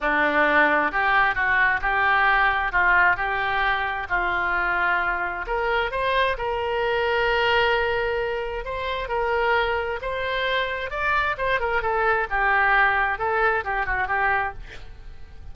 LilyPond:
\new Staff \with { instrumentName = "oboe" } { \time 4/4 \tempo 4 = 132 d'2 g'4 fis'4 | g'2 f'4 g'4~ | g'4 f'2. | ais'4 c''4 ais'2~ |
ais'2. c''4 | ais'2 c''2 | d''4 c''8 ais'8 a'4 g'4~ | g'4 a'4 g'8 fis'8 g'4 | }